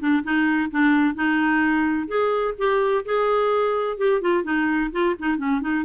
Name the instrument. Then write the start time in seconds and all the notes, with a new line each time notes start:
clarinet
0.00 D4
0.24 D#4
0.71 D4
1.15 D#4
2.08 G#4
2.58 G4
3.05 G#4
3.98 G4
4.21 F4
4.44 D#4
4.92 F4
5.20 D#4
5.38 C#4
5.61 D#4